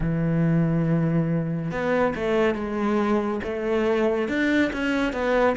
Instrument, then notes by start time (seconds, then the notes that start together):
cello
0.00 E3
1.71 B3
2.15 A3
2.54 G#3
3.43 A3
4.28 D4
4.72 C#4
5.12 B3